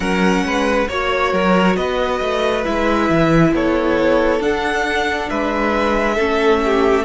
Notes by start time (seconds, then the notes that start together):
0.00 F#3 C#4 A#4 F#5
0.44 G#3 B4
0.88 A#3 F#4 C#5
1.31 F#3 A#4
1.76 B3 B4 D#5
2.21 A3
2.63 G#3 E4 E5
3.09 E3
3.52 B3 A4 C#5
4.40 D4 F#5
5.29 G#3 B4 E5
6.15 A3 C#4 A4
6.64 G4